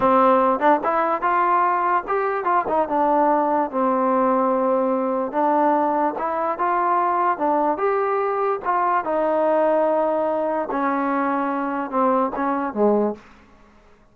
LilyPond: \new Staff \with { instrumentName = "trombone" } { \time 4/4 \tempo 4 = 146 c'4. d'8 e'4 f'4~ | f'4 g'4 f'8 dis'8 d'4~ | d'4 c'2.~ | c'4 d'2 e'4 |
f'2 d'4 g'4~ | g'4 f'4 dis'2~ | dis'2 cis'2~ | cis'4 c'4 cis'4 gis4 | }